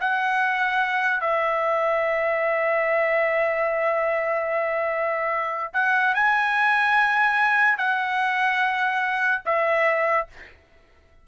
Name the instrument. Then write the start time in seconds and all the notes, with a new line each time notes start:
trumpet
0.00 F#5
1.20 E5
5.73 F#5
6.14 G#5
7.77 F#5
9.45 E5